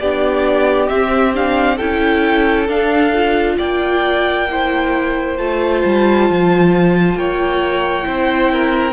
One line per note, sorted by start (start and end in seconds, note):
0.00 0.90 B3
0.00 0.88 D4
0.00 1.77 G4
0.00 0.89 D5
0.88 1.33 C4
0.88 1.81 C4
0.88 1.33 E5
1.34 1.79 D4
1.34 1.78 F5
1.77 2.69 C#4
1.77 2.68 E4
1.77 3.56 A4
1.77 2.68 G5
2.68 3.13 D4
2.68 3.58 D4
2.68 3.59 F5
3.14 4.48 F4
3.58 5.39 A#3
3.58 4.47 D5
3.58 5.38 G5
4.50 5.39 E4
4.50 7.18 C5
5.38 5.83 A3
5.38 8.03 F4
5.38 7.17 A5
5.85 6.30 G3
6.30 7.16 F3
7.16 8.05 A#3
7.16 8.07 C#5
7.16 8.93 G5
8.03 8.93 C4
8.03 8.92 E4
8.03 8.52 C5
8.52 8.93 A#4